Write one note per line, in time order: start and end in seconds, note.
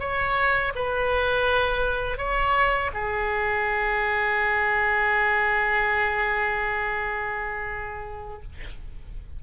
0.00 0.73 C#5
0.75 2.18 B4
2.18 2.91 C#5
2.94 8.42 G#4